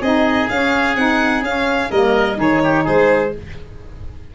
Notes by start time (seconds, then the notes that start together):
0.00 C4 D#4 G#4 D#5
0.49 C#4 F5
0.95 C4 D#4 F#5
1.41 C#4 F5
1.90 G3 A#3 A#4 D#5
2.35 D#3 D#4 G#4 C#5
2.63 G4
2.84 G#3 G#4 C5